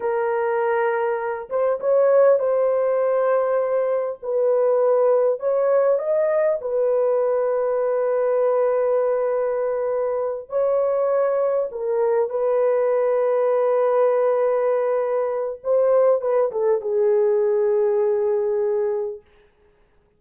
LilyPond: \new Staff \with { instrumentName = "horn" } { \time 4/4 \tempo 4 = 100 ais'2~ ais'8 c''8 cis''4 | c''2. b'4~ | b'4 cis''4 dis''4 b'4~ | b'1~ |
b'4. cis''2 ais'8~ | ais'8 b'2.~ b'8~ | b'2 c''4 b'8 a'8 | gis'1 | }